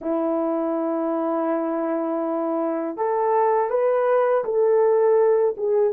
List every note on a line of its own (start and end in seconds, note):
0.01 2.96 E4
2.96 3.69 A4
3.69 4.43 B4
4.44 5.55 A4
5.57 5.93 G#4